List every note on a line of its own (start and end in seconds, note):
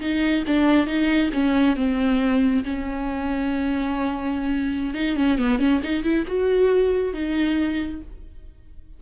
0.00 0.44 D#4
0.47 0.86 D4
0.86 1.30 D#4
1.33 1.76 C#4
1.76 2.64 C4
2.64 4.94 C#4
4.94 5.16 D#4
5.16 5.38 C#4
5.38 5.59 B3
5.59 5.80 C#4
5.83 6.03 D#4
6.03 6.25 E4
6.26 7.13 F#4
7.13 8.01 D#4